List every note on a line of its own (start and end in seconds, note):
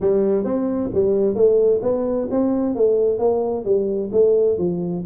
0.01 0.44 G3
0.44 0.90 C4
0.93 1.35 G3
1.35 1.80 A3
1.82 2.28 B3
2.30 2.75 C4
2.75 3.19 A3
3.19 3.64 A#3
3.64 4.10 G3
4.12 4.57 A3
4.58 5.03 F3